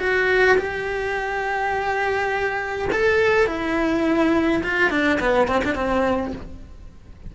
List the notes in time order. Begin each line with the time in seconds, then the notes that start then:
0.00 F#4
0.58 G4
2.93 A4
3.47 E4
4.64 F4
4.91 D4
5.20 B3
5.48 C4
5.65 D4
5.75 C4